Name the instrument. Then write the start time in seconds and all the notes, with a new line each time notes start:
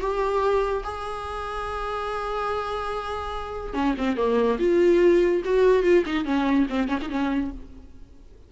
viola
0.00 G4
0.84 G#4
3.74 C#4
3.98 C4
4.16 A#3
4.59 F4
5.45 F#4
5.83 F4
6.06 D#4
6.25 C#4
6.70 C4
6.88 C#4
7.02 D#4
7.09 C#4